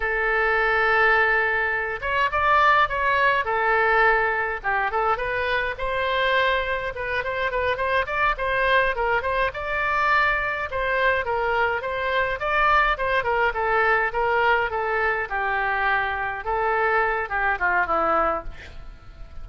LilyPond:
\new Staff \with { instrumentName = "oboe" } { \time 4/4 \tempo 4 = 104 a'2.~ a'8 cis''8 | d''4 cis''4 a'2 | g'8 a'8 b'4 c''2 | b'8 c''8 b'8 c''8 d''8 c''4 ais'8 |
c''8 d''2 c''4 ais'8~ | ais'8 c''4 d''4 c''8 ais'8 a'8~ | a'8 ais'4 a'4 g'4.~ | g'8 a'4. g'8 f'8 e'4 | }